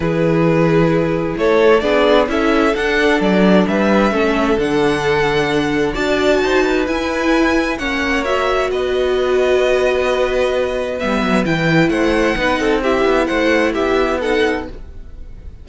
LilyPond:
<<
  \new Staff \with { instrumentName = "violin" } { \time 4/4 \tempo 4 = 131 b'2. cis''4 | d''4 e''4 fis''4 d''4 | e''2 fis''2~ | fis''4 a''2 gis''4~ |
gis''4 fis''4 e''4 dis''4~ | dis''1 | e''4 g''4 fis''2 | e''4 fis''4 e''4 fis''4 | }
  \new Staff \with { instrumentName = "violin" } { \time 4/4 gis'2. a'4 | gis'4 a'2. | b'4 a'2.~ | a'4 d''4 c''8 b'4.~ |
b'4 cis''2 b'4~ | b'1~ | b'2 c''4 b'8 a'8 | g'4 c''4 g'4 a'4 | }
  \new Staff \with { instrumentName = "viola" } { \time 4/4 e'1 | d'4 e'4 d'2~ | d'4 cis'4 d'2~ | d'4 fis'2 e'4~ |
e'4 cis'4 fis'2~ | fis'1 | b4 e'2 dis'4 | e'2. dis'4 | }
  \new Staff \with { instrumentName = "cello" } { \time 4/4 e2. a4 | b4 cis'4 d'4 fis4 | g4 a4 d2~ | d4 d'4 dis'4 e'4~ |
e'4 ais2 b4~ | b1 | g8 fis8 e4 a4 b8 c'8~ | c'8 b8 a4 b2 | }
>>